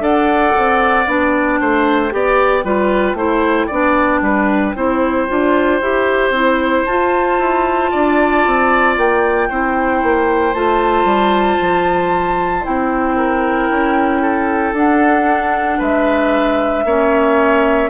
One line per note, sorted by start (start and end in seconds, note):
0.00 0.53 D4
0.00 1.06 A4
0.00 1.61 D5
0.00 1.09 F#5
0.58 1.07 C4
1.07 1.60 B3
1.07 2.11 D4
1.07 6.86 G5
1.61 2.13 A3
1.61 2.14 C5
2.11 2.64 B3
2.11 2.64 G4
2.11 2.65 D5
2.64 3.14 G3
2.64 3.17 F4
2.64 3.17 B4
3.14 3.67 A3
3.14 3.70 E4
3.14 3.67 C5
3.67 4.22 B3
3.67 4.76 D4
3.67 4.20 D5
4.22 4.74 G3
4.22 4.76 B4
4.76 5.29 C4
4.76 5.29 E4
4.76 7.91 C5
5.29 5.82 D4
5.29 5.81 F4
5.82 6.31 E4
5.82 6.35 G4
6.31 6.84 C4
6.31 6.87 E4
6.86 7.39 F4
6.86 9.51 F4
6.86 8.96 A5
7.39 7.92 E4
7.91 8.47 D4
7.91 9.49 D5
8.47 8.98 C4
8.98 9.50 A#3
8.98 10.54 G5
9.50 10.03 C4
9.50 10.55 E4
9.50 13.17 C5
10.03 10.55 A#3
10.54 11.05 A3
10.54 12.64 F4
10.54 12.65 A5
11.05 11.57 G3
11.61 12.66 F3
12.64 13.71 C4
12.64 14.74 E4
12.64 14.76 G5
13.17 14.22 A#4
13.71 14.73 C#4
14.22 15.79 A4
14.73 15.79 D4
14.73 16.86 D4
14.73 15.82 F#5
15.79 16.85 G#3
15.79 16.84 B4
15.79 17.90 E5
16.85 17.90 A#3
16.85 17.90 C#4
16.85 17.90 C#5